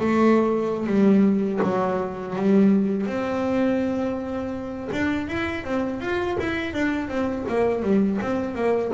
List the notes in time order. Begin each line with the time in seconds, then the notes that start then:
0.00 A3
0.87 G3
1.63 F#3
2.36 G3
3.07 C4
4.93 D4
5.28 E4
5.64 C4
6.01 F4
6.40 E4
6.74 D4
7.09 C4
7.49 A#3
7.83 G3
8.22 C4
8.55 A#3